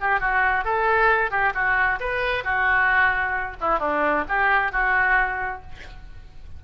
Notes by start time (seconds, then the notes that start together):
0.00 G4
0.20 F#4
0.64 A4
1.30 G4
1.54 F#4
2.00 B4
2.44 F#4
3.60 E4
3.79 D4
4.28 G4
4.72 F#4